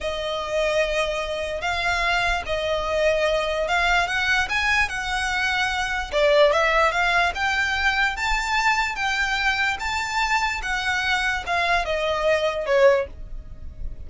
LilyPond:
\new Staff \with { instrumentName = "violin" } { \time 4/4 \tempo 4 = 147 dis''1 | f''2 dis''2~ | dis''4 f''4 fis''4 gis''4 | fis''2. d''4 |
e''4 f''4 g''2 | a''2 g''2 | a''2 fis''2 | f''4 dis''2 cis''4 | }